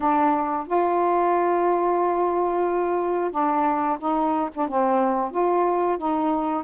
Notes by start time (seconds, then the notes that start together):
0.00 D4
0.67 F4
3.31 D4
3.99 D#4
4.54 D4
4.68 C4
5.31 F4
5.98 D#4